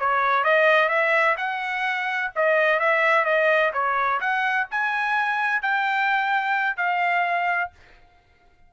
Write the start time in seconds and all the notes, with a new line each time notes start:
0.00 C#5
0.45 D#5
0.89 E5
1.38 F#5
2.36 D#5
2.80 E5
3.25 D#5
3.74 C#5
4.21 F#5
4.71 G#5
5.62 G5
6.77 F5